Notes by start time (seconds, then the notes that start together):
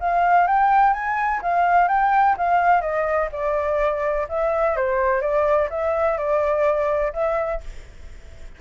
0.00 F5
0.47 G5
0.93 G#5
1.42 F5
1.88 G5
2.37 F5
2.81 D#5
3.32 D5
4.29 E5
4.77 C5
5.21 D5
5.70 E5
6.18 D5
7.13 E5